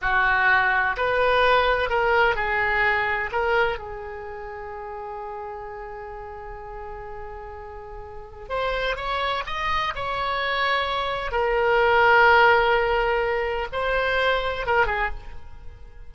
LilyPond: \new Staff \with { instrumentName = "oboe" } { \time 4/4 \tempo 4 = 127 fis'2 b'2 | ais'4 gis'2 ais'4 | gis'1~ | gis'1~ |
gis'2 c''4 cis''4 | dis''4 cis''2. | ais'1~ | ais'4 c''2 ais'8 gis'8 | }